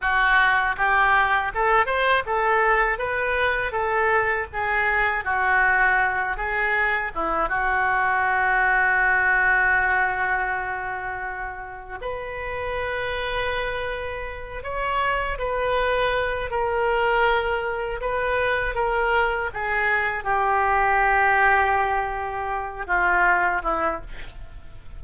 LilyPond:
\new Staff \with { instrumentName = "oboe" } { \time 4/4 \tempo 4 = 80 fis'4 g'4 a'8 c''8 a'4 | b'4 a'4 gis'4 fis'4~ | fis'8 gis'4 e'8 fis'2~ | fis'1 |
b'2.~ b'8 cis''8~ | cis''8 b'4. ais'2 | b'4 ais'4 gis'4 g'4~ | g'2~ g'8 f'4 e'8 | }